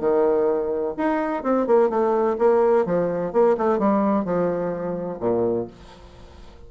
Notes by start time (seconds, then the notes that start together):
0.00 D#3
0.97 D#4
1.43 C4
1.67 A#3
1.90 A3
2.38 A#3
2.86 F3
3.33 A#3
3.58 A3
3.79 G3
4.25 F3
5.20 A#2